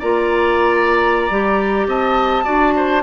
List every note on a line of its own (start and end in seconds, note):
0.00 1.31 A#3
0.00 1.31 F4
0.00 1.87 D5
0.00 1.88 A#5
1.31 1.87 G3
1.31 2.44 G4
1.87 2.45 C4
1.87 2.45 D#5
1.87 3.03 A5
2.44 3.03 D4
2.44 3.02 F#4
2.44 2.74 D5
2.77 3.03 C5